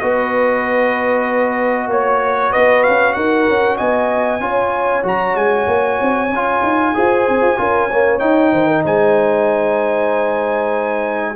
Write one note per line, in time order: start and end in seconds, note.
0.00 1.87 B3
0.00 4.41 F#4
0.00 1.90 B4
0.00 1.89 D#5
1.87 2.51 A#3
1.87 2.51 C#5
1.87 2.52 C#5
2.51 2.87 B3
2.51 3.14 B4
2.51 2.84 D#5
2.84 3.16 C#4
2.84 3.14 F5
3.14 3.48 D#4
3.14 3.77 A#4
3.14 3.77 F#5
3.48 3.80 C#4
3.77 4.40 B3
3.77 4.40 D#5
3.77 5.04 G#5
4.40 5.03 C#4
4.40 5.03 F4
4.40 6.95 C#5
5.03 5.35 F#3
5.03 6.29 F#4
5.03 5.36 A#5
5.35 5.67 G#3
5.35 8.20 G#5
5.67 5.99 A#3
6.01 6.29 C4
6.29 6.61 C#4
6.29 6.95 F4
6.63 6.94 D#4
6.95 7.28 F4
6.95 7.57 G#4
6.95 7.59 C5
7.28 7.42 C4
7.42 7.58 F4
7.57 8.21 C#4
7.57 7.89 F4
7.57 7.90 A#4
7.90 8.19 A#3
7.90 8.53 C#5
8.19 11.35 D#4
8.19 8.52 D#4
8.19 8.83 G5
8.52 8.84 D#3
8.52 8.67 C5
8.67 8.83 A#4
8.85 11.36 G#3
8.85 11.36 C5
8.85 11.36 G#5